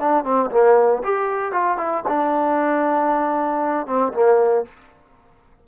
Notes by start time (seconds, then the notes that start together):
0.00 D4
0.24 C4
0.51 A#3
1.04 G4
1.53 F4
1.78 E4
2.08 D4
3.87 C4
4.14 A#3